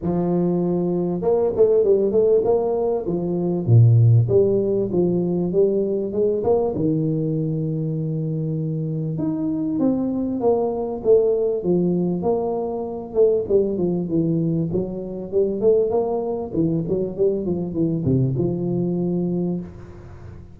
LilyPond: \new Staff \with { instrumentName = "tuba" } { \time 4/4 \tempo 4 = 98 f2 ais8 a8 g8 a8 | ais4 f4 ais,4 g4 | f4 g4 gis8 ais8 dis4~ | dis2. dis'4 |
c'4 ais4 a4 f4 | ais4. a8 g8 f8 e4 | fis4 g8 a8 ais4 e8 fis8 | g8 f8 e8 c8 f2 | }